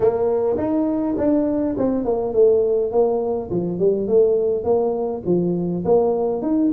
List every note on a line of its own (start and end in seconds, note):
0.00 0.57 A#3
0.57 1.15 D#4
1.17 1.76 D4
1.77 2.04 C4
2.04 2.33 A#3
2.33 2.91 A3
2.91 3.50 A#3
3.50 3.78 F3
3.78 4.07 G3
4.07 4.64 A3
4.64 5.22 A#3
5.25 5.84 F3
5.84 6.42 A#3
6.42 6.71 D#4